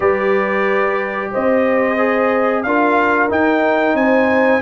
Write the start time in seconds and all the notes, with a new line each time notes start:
0.00 G3 G4 B4 D5
1.31 C4 C5 D#5
1.97 G#4
2.62 D4 F4 A#4 F5
3.29 D#4 G5
3.94 C4 C5 G#5